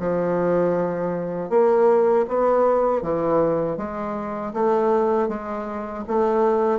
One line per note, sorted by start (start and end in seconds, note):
0.00 1.50 F3
1.50 2.26 A#3
2.28 3.02 B3
3.02 3.78 E3
3.78 4.54 G#3
4.54 5.29 A3
5.29 6.05 G#3
6.08 6.80 A3